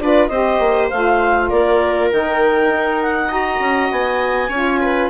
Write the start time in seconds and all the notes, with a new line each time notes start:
0.00 D4 F4 B4 D5
0.28 C4 G4 C5 D#5
0.59 A#3
0.90 A3 F4 F5
1.49 A#3 A#4 D5
2.12 D#3 D#4 G5
2.69 D#4
3.02 F#5
3.28 F#4 D#5 A#5
3.60 C#4
3.91 B3 G#5
4.49 C#4 F4 C#5
4.81 B4